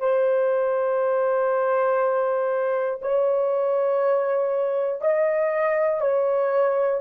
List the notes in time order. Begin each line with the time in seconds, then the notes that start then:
0.00 C5
3.02 C#5
5.02 D#5
6.01 C#5